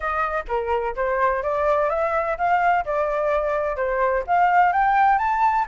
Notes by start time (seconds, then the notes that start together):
0.00 D#5
0.47 A#4
0.95 C5
1.42 D5
1.89 E5
2.37 F5
2.85 D5
3.76 C5
4.26 F5
4.72 G5
5.18 A5